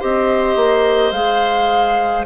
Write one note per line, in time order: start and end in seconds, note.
0.00 0.56 C4
0.00 1.13 G4
0.00 2.26 C5
0.00 1.12 D#5
0.56 1.12 A#3
1.12 2.25 G#3
1.12 2.26 G#4
1.12 2.25 F5